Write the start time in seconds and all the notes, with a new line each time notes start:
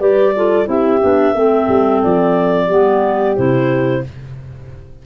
0.00 G3 G4 B4 D5
0.36 F4 A4
0.66 C4 E4 G4 E5
1.01 B3 D4
1.35 A3 C4 A4
1.69 G3
2.04 F3 D5
2.67 G3 B3 G4
3.36 C3 E4 C5